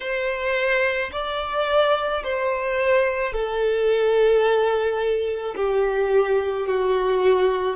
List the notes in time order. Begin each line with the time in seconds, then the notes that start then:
0.00 C5
1.12 D5
2.23 C5
3.32 A4
5.56 G4
6.67 F#4